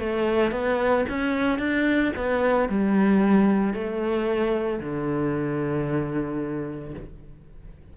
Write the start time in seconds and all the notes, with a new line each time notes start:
0.00 A3
0.52 B3
1.10 C#4
1.59 D4
2.17 B3
2.70 G3
3.74 A3
4.80 D3